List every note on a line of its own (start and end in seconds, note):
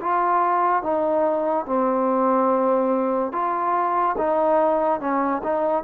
0.00 0.83 F4
0.83 1.66 D#4
1.66 3.32 C4
3.32 4.16 F4
4.17 5.00 D#4
5.00 5.42 C#4
5.43 5.83 D#4